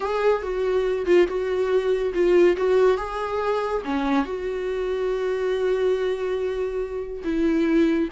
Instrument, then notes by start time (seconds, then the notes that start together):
viola
0.00 G#4
0.42 F#4
1.05 F4
1.27 F#4
2.14 F4
2.56 F#4
2.97 G#4
3.85 C#4
4.25 F#4
7.23 E4